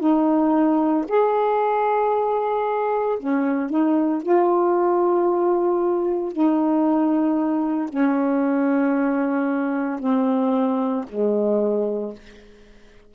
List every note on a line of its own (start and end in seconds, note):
0.00 1.05 D#4
1.08 3.19 G#4
3.20 3.70 C#4
3.70 4.22 D#4
4.22 6.33 F4
6.33 7.90 D#4
7.90 10.00 C#4
10.00 11.05 C4
11.10 12.15 G#3